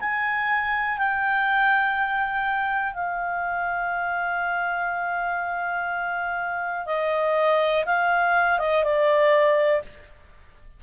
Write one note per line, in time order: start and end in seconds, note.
0.00 0.98 G#5
0.98 2.93 G5
2.93 6.86 F5
6.86 7.84 D#5
7.85 8.59 F5
8.59 8.83 D#5
8.83 9.82 D5